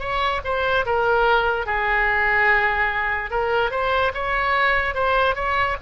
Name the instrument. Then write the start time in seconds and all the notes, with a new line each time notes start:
oboe
0.00 C#5
0.44 C5
0.86 A#4
1.67 G#4
3.31 A#4
3.71 C5
4.14 C#5
4.95 C5
5.35 C#5